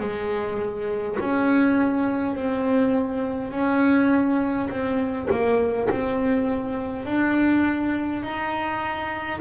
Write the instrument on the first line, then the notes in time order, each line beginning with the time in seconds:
double bass
0.00 G#3
1.20 C#4
2.35 C4
3.51 C#4
4.70 C4
5.30 A#3
5.90 C4
7.06 D4
8.24 D#4